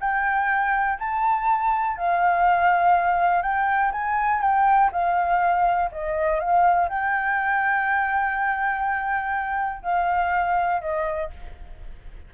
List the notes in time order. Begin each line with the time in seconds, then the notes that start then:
0.00 G5
0.99 A5
1.97 F5
3.42 G5
3.92 G#5
4.41 G5
4.92 F5
5.92 D#5
6.40 F5
6.89 G5
9.82 F5
10.81 D#5